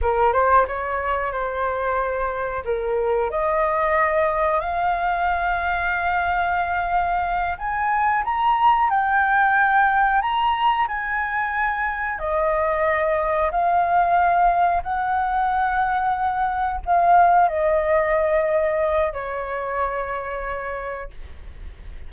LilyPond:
\new Staff \with { instrumentName = "flute" } { \time 4/4 \tempo 4 = 91 ais'8 c''8 cis''4 c''2 | ais'4 dis''2 f''4~ | f''2.~ f''8 gis''8~ | gis''8 ais''4 g''2 ais''8~ |
ais''8 gis''2 dis''4.~ | dis''8 f''2 fis''4.~ | fis''4. f''4 dis''4.~ | dis''4 cis''2. | }